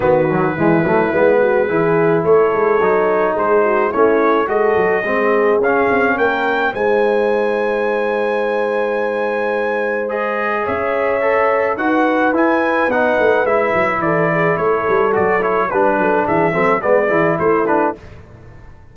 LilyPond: <<
  \new Staff \with { instrumentName = "trumpet" } { \time 4/4 \tempo 4 = 107 b'1 | cis''2 c''4 cis''4 | dis''2 f''4 g''4 | gis''1~ |
gis''2 dis''4 e''4~ | e''4 fis''4 gis''4 fis''4 | e''4 d''4 cis''4 d''8 cis''8 | b'4 e''4 d''4 c''8 b'8 | }
  \new Staff \with { instrumentName = "horn" } { \time 4/4 fis'4 e'4. fis'8 gis'4 | a'2 gis'8 fis'8 e'4 | a'4 gis'2 ais'4 | c''1~ |
c''2. cis''4~ | cis''4 b'2.~ | b'4 a'8 gis'8 a'2 | b'8 a'8 gis'8 a'8 b'8 gis'8 e'4 | }
  \new Staff \with { instrumentName = "trombone" } { \time 4/4 b8 fis8 gis8 a8 b4 e'4~ | e'4 dis'2 cis'4 | fis'4 c'4 cis'2 | dis'1~ |
dis'2 gis'2 | a'4 fis'4 e'4 dis'4 | e'2. fis'8 e'8 | d'4. c'8 b8 e'4 d'8 | }
  \new Staff \with { instrumentName = "tuba" } { \time 4/4 dis4 e8 fis8 gis4 e4 | a8 gis8 fis4 gis4 a4 | gis8 fis8 gis4 cis'8 c'8 ais4 | gis1~ |
gis2. cis'4~ | cis'4 dis'4 e'4 b8 a8 | gis8 fis8 e4 a8 g8 fis4 | g8 fis8 e8 fis8 gis8 e8 a4 | }
>>